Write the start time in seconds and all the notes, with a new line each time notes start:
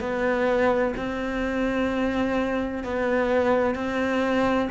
0.00 B3
0.96 C4
2.84 B3
3.75 C4